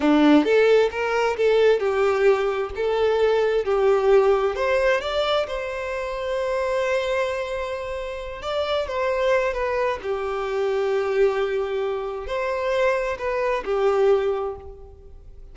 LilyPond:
\new Staff \with { instrumentName = "violin" } { \time 4/4 \tempo 4 = 132 d'4 a'4 ais'4 a'4 | g'2 a'2 | g'2 c''4 d''4 | c''1~ |
c''2~ c''8 d''4 c''8~ | c''4 b'4 g'2~ | g'2. c''4~ | c''4 b'4 g'2 | }